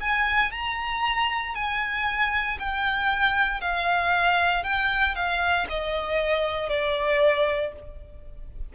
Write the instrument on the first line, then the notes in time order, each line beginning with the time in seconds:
violin
0.00 G#5
0.51 A#5
1.54 G#5
2.59 G5
3.61 F5
4.63 G5
5.15 F5
5.69 D#5
6.69 D5